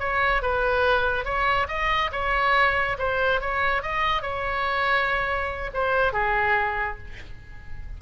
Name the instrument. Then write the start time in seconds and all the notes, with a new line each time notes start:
oboe
0.00 C#5
0.42 B4
1.25 C#5
1.68 D#5
2.12 C#5
2.99 C5
3.41 C#5
3.83 D#5
4.22 C#5
5.74 C5
6.13 G#4